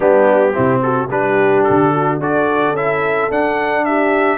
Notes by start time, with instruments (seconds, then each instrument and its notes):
0.00 tuba G3, trombone B3, horn D4, trumpet G4
0.53 tuba C3, trombone C4, horn E4
0.82 horn F#4, trumpet A4
1.10 tuba G3, trombone D4, horn G4, trumpet B4
1.63 trumpet A4
1.70 tuba D3
1.94 horn F#4
2.19 tuba D4, trombone F#4, horn A4, trumpet D5
2.72 tuba C#4, trombone E4, trumpet E5
3.30 tuba D4, trombone D4, trumpet F#5
3.84 horn G4, trumpet E5